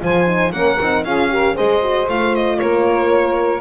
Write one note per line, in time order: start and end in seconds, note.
0.00 0.53 F3
0.00 0.26 F4
0.00 0.54 C5
0.00 0.52 G#5
0.27 0.52 D#4
0.52 0.79 A#3
0.52 0.79 C#4
0.52 1.05 A#4
0.52 1.04 F#5
0.81 1.05 C4
0.81 1.07 D#4
1.05 1.57 C#4
1.05 1.30 F4
1.05 1.31 G#4
1.05 1.56 F5
1.30 1.55 G4
1.30 1.55 A#4
1.55 2.08 G#3
1.55 1.81 G#4
1.55 2.58 C5
1.55 2.09 D#5
1.82 2.08 F#4
2.08 2.60 A3
2.08 3.61 F4
2.08 2.36 F5
2.36 2.59 D#5
2.59 3.61 A#3
2.59 3.61 A#4
2.59 3.61 C#5